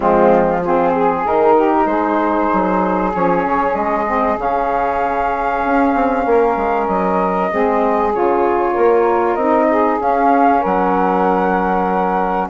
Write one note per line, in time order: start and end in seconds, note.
0.00 1.25 F3
0.00 0.60 G#3
0.00 0.61 C4
0.00 0.62 F4
0.61 1.25 C4
0.61 0.93 F4
0.61 1.26 G#4
0.93 1.55 G#4
1.25 1.85 D#3
1.25 3.11 D#4
1.25 1.86 A#4
1.55 1.86 G4
1.85 2.48 G#3
1.85 6.25 G#4
1.85 3.11 C5
2.53 3.15 F#3
3.11 3.45 F3
3.11 4.05 C#4
3.11 3.74 C#5
3.45 3.74 C#3
3.74 4.37 G#3
3.74 4.37 D#5
4.06 4.37 C4
4.37 5.62 C#3
4.37 7.49 C#4
4.37 6.87 F5
5.65 5.94 C#4
5.94 6.25 C4
6.25 6.56 A#3
6.25 7.51 A#4
6.56 6.87 G#3
6.87 7.50 F#3
6.87 8.12 D#5
7.49 8.14 G#3
7.49 8.12 C4
7.49 8.72 G#4
8.13 8.76 C#3
8.13 9.38 F4
8.13 9.34 C#5
8.72 9.36 A#3
8.72 9.66 A#4
9.34 9.98 C4
9.34 9.99 D#4
9.34 9.97 D#5
9.69 10.60 G#4
9.99 10.61 C#4
9.99 12.49 C#4
9.99 10.64 F5
10.60 12.49 F#3
10.60 12.48 A#4
10.60 12.49 F#5